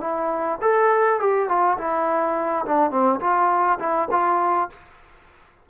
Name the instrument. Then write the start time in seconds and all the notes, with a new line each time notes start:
trombone
0.00 E4
0.61 A4
1.19 G4
1.48 F4
1.77 E4
2.65 D4
2.90 C4
3.20 F4
3.79 E4
4.11 F4